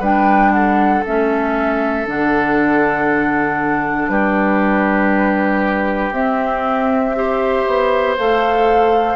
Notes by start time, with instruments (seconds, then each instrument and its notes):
0.00 bassoon G3, clarinet D4, oboe B4, flute G5
0.53 oboe A4, flute F#5
1.06 bassoon A3, clarinet C#4, flute E5
2.06 bassoon D3, clarinet D4, flute F#5
4.09 bassoon G3, oboe G4, flute B4
6.11 bassoon C4, clarinet C4, flute E5
7.15 clarinet G4, oboe C5
7.67 bassoon B3
8.18 bassoon A3, clarinet A4, flute F5